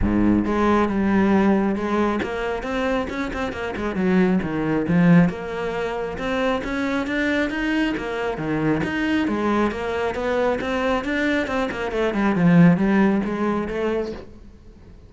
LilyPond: \new Staff \with { instrumentName = "cello" } { \time 4/4 \tempo 4 = 136 gis,4 gis4 g2 | gis4 ais4 c'4 cis'8 c'8 | ais8 gis8 fis4 dis4 f4 | ais2 c'4 cis'4 |
d'4 dis'4 ais4 dis4 | dis'4 gis4 ais4 b4 | c'4 d'4 c'8 ais8 a8 g8 | f4 g4 gis4 a4 | }